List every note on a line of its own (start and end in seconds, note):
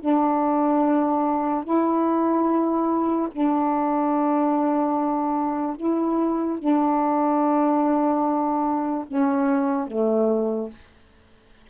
0.00 1.64 D4
1.64 3.29 E4
3.32 5.77 D4
5.77 6.59 E4
6.59 9.06 D4
9.07 9.87 C#4
9.87 10.70 A3